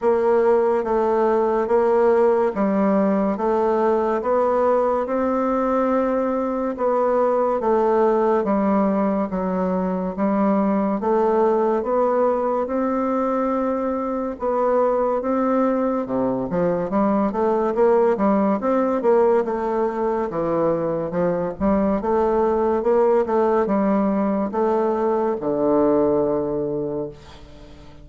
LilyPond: \new Staff \with { instrumentName = "bassoon" } { \time 4/4 \tempo 4 = 71 ais4 a4 ais4 g4 | a4 b4 c'2 | b4 a4 g4 fis4 | g4 a4 b4 c'4~ |
c'4 b4 c'4 c8 f8 | g8 a8 ais8 g8 c'8 ais8 a4 | e4 f8 g8 a4 ais8 a8 | g4 a4 d2 | }